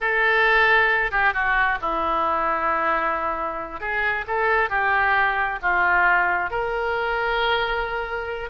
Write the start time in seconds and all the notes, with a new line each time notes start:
0.01 A4
1.11 G4
1.33 F#4
1.81 E4
3.80 G#4
4.27 A4
4.69 G4
5.62 F4
6.50 A#4